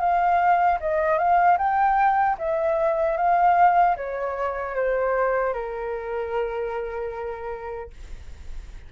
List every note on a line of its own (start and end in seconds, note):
0.00 0.79 F5
0.80 1.18 D#5
1.18 1.58 F5
1.58 2.37 G5
2.38 3.17 E5
3.17 3.96 F5
3.97 4.75 C#5
4.75 5.54 C5
5.54 7.91 A#4